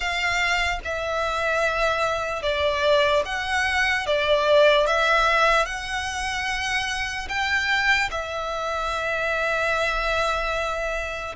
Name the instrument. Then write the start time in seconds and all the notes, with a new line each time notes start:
violin
0.00 F5
0.84 E5
2.42 D5
3.25 F#5
4.06 D5
4.86 E5
5.65 F#5
7.28 G5
8.10 E5